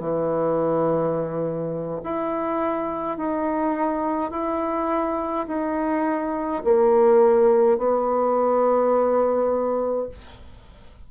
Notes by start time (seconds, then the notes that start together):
0.00 E3
2.04 E4
3.18 D#4
4.31 E4
5.48 D#4
6.65 A#3
7.78 B3